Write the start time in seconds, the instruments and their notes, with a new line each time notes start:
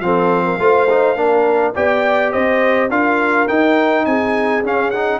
0.00 tuba F3, trombone C4, horn A4, trumpet F5
0.45 horn A#4
0.59 tuba A3, trombone F4, horn C5
0.89 trombone D#4
1.16 tuba A#3, trombone D4, horn A#4
1.75 tuba B3, trombone G4, horn D5, trumpet G5
2.32 tuba C4, horn C5, trumpet D#5
2.90 tuba D4, trombone F4, horn A#4, trumpet F5
3.48 trombone D#4, tuba D#4, trumpet G5
4.05 tuba C4, horn G#4, trumpet G#5
4.63 tuba C#4, trombone C#4, trumpet F5
4.90 trombone D#4, trumpet F#5